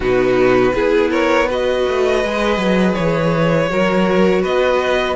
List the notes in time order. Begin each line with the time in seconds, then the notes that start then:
0.00 B2 D#4 F#4 B4
0.73 B3 E4 G#4
1.10 A#4 C#5
1.47 F#4 B4 D#5
1.88 A3
2.24 G#3 G#4
2.57 F#3
2.94 E3 C#5
3.69 F#3 F#4 A#4
4.42 B3 B4 D#5